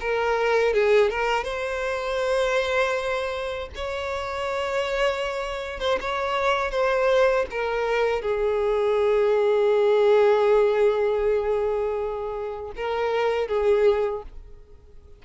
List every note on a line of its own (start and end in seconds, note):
0.00 0.73 A#4
0.73 1.10 G#4
1.10 1.44 A#4
1.44 3.69 C5
3.75 5.80 C#5
5.80 5.99 C5
6.01 6.71 C#5
6.71 7.46 C5
7.50 8.22 A#4
8.22 12.72 G#4
12.76 13.48 A#4
13.48 14.23 G#4